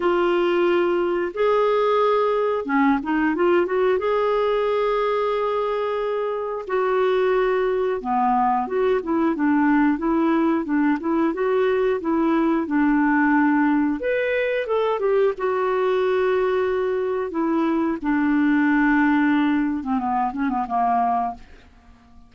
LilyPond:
\new Staff \with { instrumentName = "clarinet" } { \time 4/4 \tempo 4 = 90 f'2 gis'2 | cis'8 dis'8 f'8 fis'8 gis'2~ | gis'2 fis'2 | b4 fis'8 e'8 d'4 e'4 |
d'8 e'8 fis'4 e'4 d'4~ | d'4 b'4 a'8 g'8 fis'4~ | fis'2 e'4 d'4~ | d'4.~ d'16 c'16 b8 cis'16 b16 ais4 | }